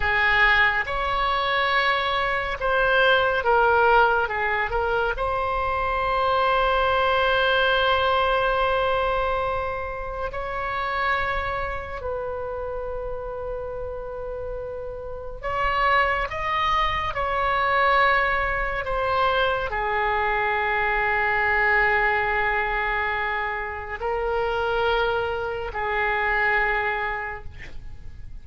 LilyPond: \new Staff \with { instrumentName = "oboe" } { \time 4/4 \tempo 4 = 70 gis'4 cis''2 c''4 | ais'4 gis'8 ais'8 c''2~ | c''1 | cis''2 b'2~ |
b'2 cis''4 dis''4 | cis''2 c''4 gis'4~ | gis'1 | ais'2 gis'2 | }